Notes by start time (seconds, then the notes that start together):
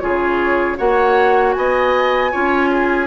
0.00 C#3 F4 G#4 C#5
0.77 A#3 F#4 C#5 F#5
1.53 B3 D#5 G#5
2.32 C#4 F4 C#5
2.71 G#4